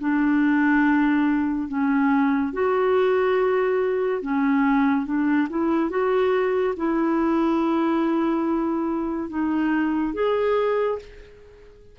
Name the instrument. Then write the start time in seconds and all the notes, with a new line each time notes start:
clarinet
0.00 D4
1.69 C#4
2.53 F#4
4.22 C#4
5.06 D4
5.50 E4
5.90 F#4
6.77 E4
9.30 D#4
10.14 G#4